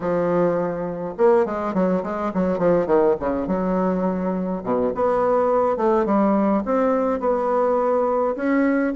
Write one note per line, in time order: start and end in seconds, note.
0.00 1.14 F3
1.17 1.45 A#3
1.45 1.74 G#3
1.74 2.02 F#3
2.03 2.32 G#3
2.33 2.58 F#3
2.58 2.86 F3
2.86 3.15 D#3
3.19 3.47 C#3
3.47 4.62 F#3
4.63 4.92 B2
4.94 5.76 B3
5.76 6.05 A3
6.05 6.63 G3
6.65 7.20 C4
7.20 8.35 B3
8.35 8.93 C#4